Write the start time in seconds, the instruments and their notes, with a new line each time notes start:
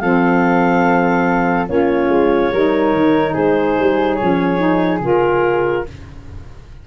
0.00 tuba F3, saxophone C4, flute A4, clarinet F5
1.68 tuba A#3, saxophone C#4, flute F4, clarinet C#5
2.09 tuba G#3
2.53 tuba G3, saxophone D#4, flute A#4
2.93 tuba D#3
3.34 tuba G#3, flute G#4, clarinet C5
3.79 tuba G3
4.15 saxophone C#4, clarinet C#5
4.22 tuba F3
4.59 saxophone D#4
5.01 tuba C#3, saxophone F4, clarinet A#4